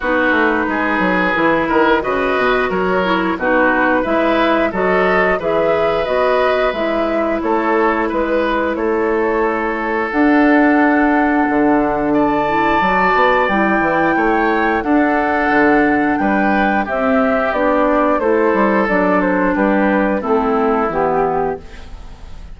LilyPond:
<<
  \new Staff \with { instrumentName = "flute" } { \time 4/4 \tempo 4 = 89 b'2. dis''4 | cis''4 b'4 e''4 dis''4 | e''4 dis''4 e''4 cis''4 | b'4 cis''2 fis''4~ |
fis''2 a''2 | g''2 fis''2 | g''4 e''4 d''4 c''4 | d''8 c''8 b'4 a'4 g'4 | }
  \new Staff \with { instrumentName = "oboe" } { \time 4/4 fis'4 gis'4. ais'8 b'4 | ais'4 fis'4 b'4 a'4 | b'2. a'4 | b'4 a'2.~ |
a'2 d''2~ | d''4 cis''4 a'2 | b'4 g'2 a'4~ | a'4 g'4 e'2 | }
  \new Staff \with { instrumentName = "clarinet" } { \time 4/4 dis'2 e'4 fis'4~ | fis'8 e'8 dis'4 e'4 fis'4 | gis'4 fis'4 e'2~ | e'2. d'4~ |
d'2~ d'8 e'8 fis'4 | e'2 d'2~ | d'4 c'4 d'4 e'4 | d'2 c'4 b4 | }
  \new Staff \with { instrumentName = "bassoon" } { \time 4/4 b8 a8 gis8 fis8 e8 dis8 cis8 b,8 | fis4 b,4 gis4 fis4 | e4 b4 gis4 a4 | gis4 a2 d'4~ |
d'4 d2 fis8 b8 | g8 e8 a4 d'4 d4 | g4 c'4 b4 a8 g8 | fis4 g4 a4 e4 | }
>>